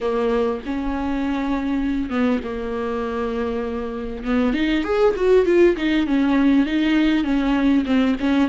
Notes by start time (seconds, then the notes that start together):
0.00 A#3
0.65 C#4
2.09 B3
2.43 A#3
4.25 B3
4.53 D#4
4.83 G#4
5.15 F#4
5.45 F4
5.76 D#4
6.06 C#4
6.66 D#4
7.24 C#4
7.85 C4
8.20 C#4